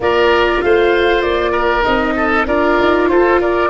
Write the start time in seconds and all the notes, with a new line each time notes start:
0.00 A#3 F4 A#4 D5
0.61 A3 C5 F5
1.21 A#3 D5
1.52 A#4
1.82 C4 D#4 D#5
2.16 A4
2.47 D4 F4 A#4 D5
2.79 D#4
3.08 F4 A4 C5
3.40 A#4 D5